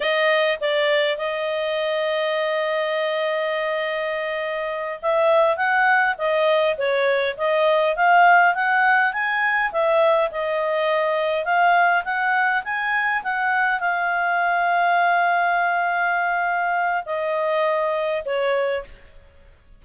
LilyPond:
\new Staff \with { instrumentName = "clarinet" } { \time 4/4 \tempo 4 = 102 dis''4 d''4 dis''2~ | dis''1~ | dis''8 e''4 fis''4 dis''4 cis''8~ | cis''8 dis''4 f''4 fis''4 gis''8~ |
gis''8 e''4 dis''2 f''8~ | f''8 fis''4 gis''4 fis''4 f''8~ | f''1~ | f''4 dis''2 cis''4 | }